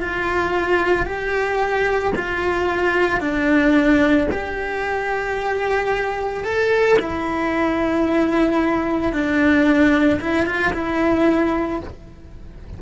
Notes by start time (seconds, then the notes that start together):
0.00 F4
1.05 G4
2.15 F4
3.20 D4
4.31 G4
6.44 A4
6.98 E4
9.12 D4
10.20 E4
10.46 F4
10.72 E4